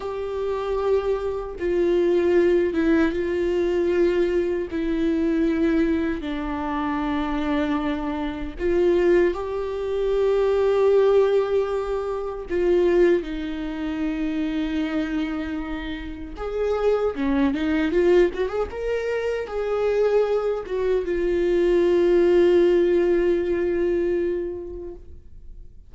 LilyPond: \new Staff \with { instrumentName = "viola" } { \time 4/4 \tempo 4 = 77 g'2 f'4. e'8 | f'2 e'2 | d'2. f'4 | g'1 |
f'4 dis'2.~ | dis'4 gis'4 cis'8 dis'8 f'8 fis'16 gis'16 | ais'4 gis'4. fis'8 f'4~ | f'1 | }